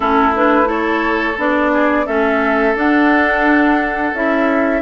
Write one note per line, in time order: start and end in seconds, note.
0.00 1.37 A3
0.00 0.33 C#4
0.00 0.68 E4
0.00 0.34 A4
0.35 0.64 D4
0.35 0.69 B4
0.64 1.33 E4
0.64 1.72 A4
0.64 1.37 C#5
1.37 2.06 B3
1.37 2.06 D4
1.37 2.06 D5
1.72 2.06 G#4
2.06 2.75 A3
2.06 2.75 C#4
2.06 4.81 A4
2.06 2.75 E5
2.75 4.12 D4
2.75 4.13 D4
2.75 4.15 F#5
4.13 4.81 C#4
4.13 4.81 E4
4.13 4.81 E5